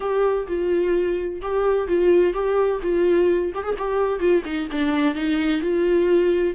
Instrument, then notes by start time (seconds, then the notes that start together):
viola
0.00 G4
0.47 F4
1.41 G4
1.87 F4
2.33 G4
2.82 F4
3.54 G4
3.63 G#4
3.77 G4
4.19 F4
4.44 D#4
4.71 D4
5.14 D#4
5.61 F4